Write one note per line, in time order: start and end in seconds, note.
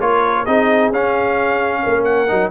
0.00 0.46 A#3
0.00 0.46 F4
0.00 0.42 A#4
0.00 0.45 C#5
0.42 0.92 C4
0.42 0.93 D#4
0.42 1.79 G#4
0.42 0.91 D#5
0.92 1.83 C#4
0.92 2.28 C#4
0.92 2.04 F5
1.83 2.31 A#3
1.83 2.51 A#4
2.04 2.50 F#5
2.28 2.51 F#3
2.28 2.51 D#4